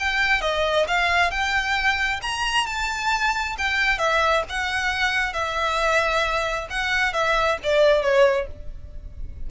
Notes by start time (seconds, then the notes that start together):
0.00 G5
0.41 D#5
0.88 F5
1.31 G5
2.22 A#5
2.67 A5
3.58 G5
3.99 E5
4.50 F#5
5.33 E5
6.70 F#5
7.14 E5
7.64 D5
8.02 C#5